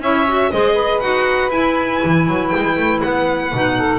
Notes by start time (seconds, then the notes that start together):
0.00 C#4 E4 C#5 E5
0.27 F#4
0.51 G#3 G#4 C5 D#5
0.73 B4
1.00 D#4 F#4 F#5
1.49 E4 G#5
2.04 E3
2.27 F#3
2.48 G5
2.55 G#3
2.76 A3
3.01 B3 F#5
3.52 B2 D#4
3.77 A4